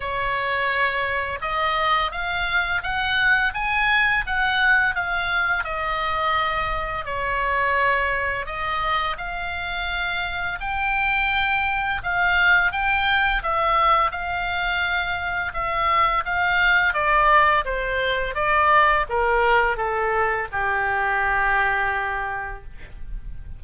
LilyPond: \new Staff \with { instrumentName = "oboe" } { \time 4/4 \tempo 4 = 85 cis''2 dis''4 f''4 | fis''4 gis''4 fis''4 f''4 | dis''2 cis''2 | dis''4 f''2 g''4~ |
g''4 f''4 g''4 e''4 | f''2 e''4 f''4 | d''4 c''4 d''4 ais'4 | a'4 g'2. | }